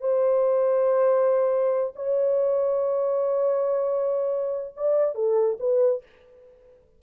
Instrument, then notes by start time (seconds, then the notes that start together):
horn
0.00 C5
1.96 C#5
4.76 D5
5.15 A4
5.59 B4